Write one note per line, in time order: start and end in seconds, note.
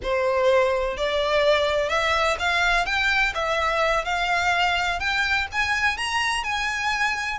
0.02 0.97 C5
0.97 1.89 D5
1.89 2.36 E5
2.39 2.85 F5
2.85 3.33 G5
3.34 4.05 E5
4.05 4.99 F5
4.99 5.47 G5
5.52 5.97 G#5
5.97 6.43 A#5
6.43 7.39 G#5